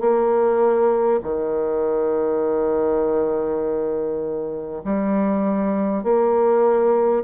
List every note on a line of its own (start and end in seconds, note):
0.00 1.20 A#3
1.22 4.82 D#3
4.84 6.03 G3
6.03 7.23 A#3